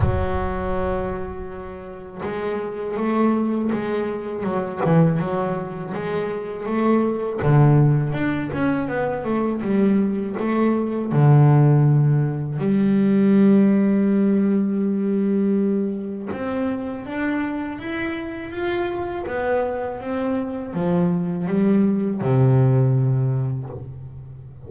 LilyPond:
\new Staff \with { instrumentName = "double bass" } { \time 4/4 \tempo 4 = 81 fis2. gis4 | a4 gis4 fis8 e8 fis4 | gis4 a4 d4 d'8 cis'8 | b8 a8 g4 a4 d4~ |
d4 g2.~ | g2 c'4 d'4 | e'4 f'4 b4 c'4 | f4 g4 c2 | }